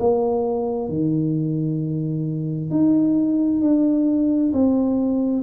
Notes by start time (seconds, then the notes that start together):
0.00 A#3
0.89 D#3
2.71 D#4
3.62 D4
4.53 C4